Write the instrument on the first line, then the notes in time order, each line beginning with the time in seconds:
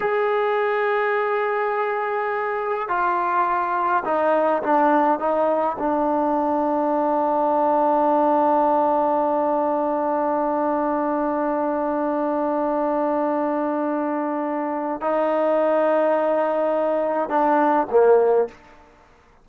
trombone
0.00 G#4
2.88 F4
4.04 D#4
4.62 D4
5.19 D#4
5.78 D4
15.01 D#4
17.29 D4
17.90 A#3